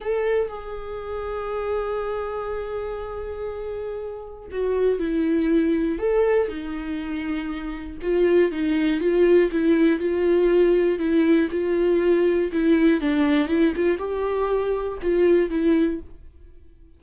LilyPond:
\new Staff \with { instrumentName = "viola" } { \time 4/4 \tempo 4 = 120 a'4 gis'2.~ | gis'1~ | gis'4 fis'4 e'2 | a'4 dis'2. |
f'4 dis'4 f'4 e'4 | f'2 e'4 f'4~ | f'4 e'4 d'4 e'8 f'8 | g'2 f'4 e'4 | }